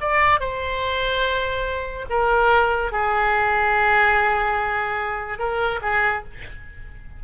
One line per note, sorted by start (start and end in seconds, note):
0.00 0.40 D5
0.40 2.05 C5
2.10 2.92 A#4
2.92 5.38 G#4
5.38 5.80 A#4
5.82 6.23 G#4